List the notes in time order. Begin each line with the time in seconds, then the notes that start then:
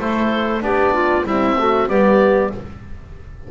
0.00 A3 E4 A4 C5
0.61 B3 D4 G4 D5
0.94 F4
1.25 G3 C4 E4 E5
1.58 A3 F#4
1.88 G3 B3 G4 D5